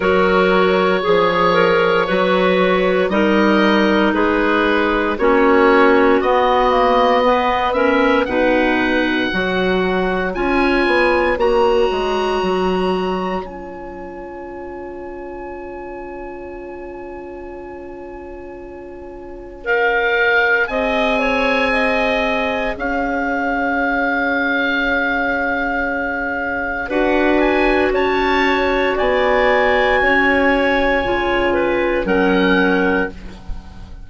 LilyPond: <<
  \new Staff \with { instrumentName = "oboe" } { \time 4/4 \tempo 4 = 58 cis''2. dis''4 | b'4 cis''4 dis''4. e''8 | fis''2 gis''4 ais''4~ | ais''4 gis''2.~ |
gis''2. f''4 | gis''2 f''2~ | f''2 fis''8 gis''8 a''4 | gis''2. fis''4 | }
  \new Staff \with { instrumentName = "clarinet" } { \time 4/4 ais'4 gis'8 ais'8 b'4 ais'4 | gis'4 fis'2 b'8 ais'8 | b'4 cis''2.~ | cis''1~ |
cis''1 | dis''8 cis''8 dis''4 cis''2~ | cis''2 b'4 cis''4 | d''4 cis''4. b'8 ais'4 | }
  \new Staff \with { instrumentName = "clarinet" } { \time 4/4 fis'4 gis'4 fis'4 dis'4~ | dis'4 cis'4 b8 ais8 b8 cis'8 | dis'4 fis'4 f'4 fis'4~ | fis'4 f'2.~ |
f'2. ais'4 | gis'1~ | gis'2 fis'2~ | fis'2 f'4 cis'4 | }
  \new Staff \with { instrumentName = "bassoon" } { \time 4/4 fis4 f4 fis4 g4 | gis4 ais4 b2 | b,4 fis4 cis'8 b8 ais8 gis8 | fis4 cis'2.~ |
cis'1 | c'2 cis'2~ | cis'2 d'4 cis'4 | b4 cis'4 cis4 fis4 | }
>>